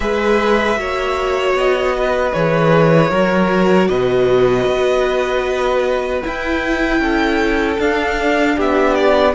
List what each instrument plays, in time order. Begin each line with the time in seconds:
0.00 cello G#3, viola G#4, violin B4 E5
0.76 cello A#3, viola F#4, violin C#5
1.53 cello B3, violin D#5
1.97 violin B4
2.33 cello E3, viola G#4, violin C#5
3.10 cello F#3, viola F#4, violin A#4
3.87 cello B2, violin B4 D#5
4.66 cello B3
6.22 viola E4, cello E4, violin G5
6.99 cello C#4, violin A4
7.78 viola D4, cello D4, violin F5
8.56 cello B3, violin G4 E5
8.94 violin D5